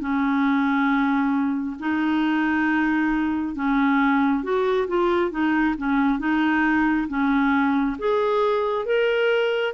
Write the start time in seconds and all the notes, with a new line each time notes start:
0.00 C#4
1.79 D#4
3.55 C#4
4.43 F#4
4.88 F4
5.31 D#4
5.78 C#4
6.19 D#4
7.08 C#4
7.99 G#4
8.85 A#4